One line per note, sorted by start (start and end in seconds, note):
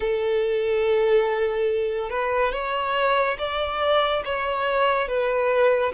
0.00 2.10 A4
2.10 2.52 B4
2.52 3.36 C#5
3.38 4.23 D5
4.24 5.07 C#5
5.07 5.92 B4